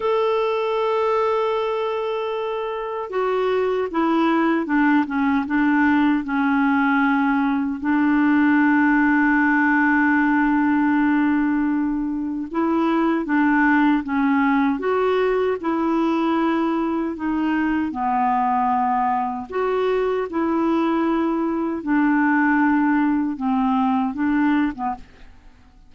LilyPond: \new Staff \with { instrumentName = "clarinet" } { \time 4/4 \tempo 4 = 77 a'1 | fis'4 e'4 d'8 cis'8 d'4 | cis'2 d'2~ | d'1 |
e'4 d'4 cis'4 fis'4 | e'2 dis'4 b4~ | b4 fis'4 e'2 | d'2 c'4 d'8. b16 | }